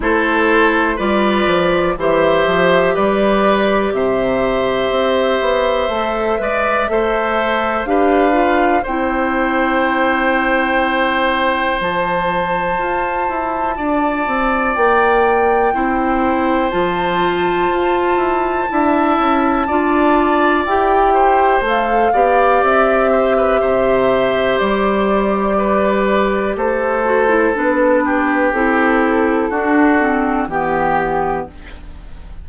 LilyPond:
<<
  \new Staff \with { instrumentName = "flute" } { \time 4/4 \tempo 4 = 61 c''4 d''4 e''4 d''4 | e''1 | f''4 g''2. | a''2. g''4~ |
g''4 a''2.~ | a''4 g''4 f''4 e''4~ | e''4 d''2 c''4 | b'4 a'2 g'4 | }
  \new Staff \with { instrumentName = "oboe" } { \time 4/4 a'4 b'4 c''4 b'4 | c''2~ c''8 d''8 c''4 | b'4 c''2.~ | c''2 d''2 |
c''2. e''4 | d''4. c''4 d''4 c''16 b'16 | c''2 b'4 a'4~ | a'8 g'4. fis'4 g'4 | }
  \new Staff \with { instrumentName = "clarinet" } { \time 4/4 e'4 f'4 g'2~ | g'2 a'8 b'8 a'4 | g'8 f'8 e'2. | f'1 |
e'4 f'2 e'4 | f'4 g'4 a'8 g'4.~ | g'2.~ g'8 fis'16 e'16 | d'4 e'4 d'8 c'8 b4 | }
  \new Staff \with { instrumentName = "bassoon" } { \time 4/4 a4 g8 f8 e8 f8 g4 | c4 c'8 b8 a8 gis8 a4 | d'4 c'2. | f4 f'8 e'8 d'8 c'8 ais4 |
c'4 f4 f'8 e'8 d'8 cis'8 | d'4 e'4 a8 b8 c'4 | c4 g2 a4 | b4 c'4 d'4 e4 | }
>>